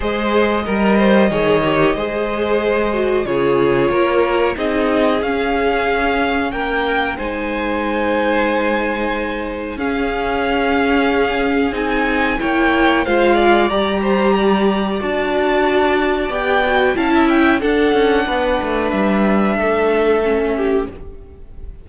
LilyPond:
<<
  \new Staff \with { instrumentName = "violin" } { \time 4/4 \tempo 4 = 92 dis''1~ | dis''4 cis''2 dis''4 | f''2 g''4 gis''4~ | gis''2. f''4~ |
f''2 gis''4 g''4 | f''4 ais''2 a''4~ | a''4 g''4 a''8 g''8 fis''4~ | fis''4 e''2. | }
  \new Staff \with { instrumentName = "violin" } { \time 4/4 c''4 ais'8 c''8 cis''4 c''4~ | c''4 gis'4 ais'4 gis'4~ | gis'2 ais'4 c''4~ | c''2. gis'4~ |
gis'2. cis''4 | c''8 d''4 c''8 d''2~ | d''2 f''16 e''8. a'4 | b'2 a'4. g'8 | }
  \new Staff \with { instrumentName = "viola" } { \time 4/4 gis'4 ais'4 gis'8 g'8 gis'4~ | gis'8 fis'8 f'2 dis'4 | cis'2. dis'4~ | dis'2. cis'4~ |
cis'2 dis'4 e'4 | f'4 g'2 fis'4~ | fis'4 g'8 fis'8 e'4 d'4~ | d'2. cis'4 | }
  \new Staff \with { instrumentName = "cello" } { \time 4/4 gis4 g4 dis4 gis4~ | gis4 cis4 ais4 c'4 | cis'2 ais4 gis4~ | gis2. cis'4~ |
cis'2 c'4 ais4 | gis4 g2 d'4~ | d'4 b4 cis'4 d'8 cis'8 | b8 a8 g4 a2 | }
>>